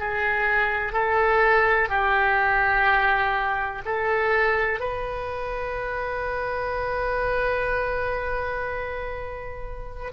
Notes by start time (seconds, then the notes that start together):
0.00 G#4
0.93 A4
1.89 G4
3.86 A4
4.80 B4